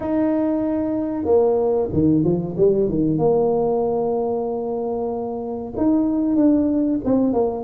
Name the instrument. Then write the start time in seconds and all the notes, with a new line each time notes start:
tuba
0.00 D#4
1.24 A#3
1.92 D#3
2.23 F3
2.57 G3
2.89 D#3
3.18 A#3
5.76 D#4
6.36 D4
7.04 C4
7.33 A#3